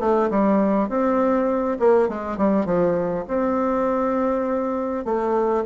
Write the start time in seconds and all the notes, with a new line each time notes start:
0.00 A3
0.30 G3
0.89 C4
1.79 A#3
2.09 G#3
2.37 G3
2.65 F3
3.28 C4
5.05 A3